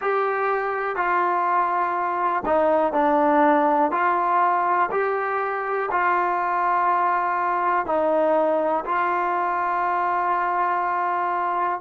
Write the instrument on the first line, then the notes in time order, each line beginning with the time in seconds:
trombone
0.01 G4
0.96 F4
2.45 D#4
2.92 D4
3.91 F4
4.91 G4
5.91 F4
7.86 D#4
8.85 F4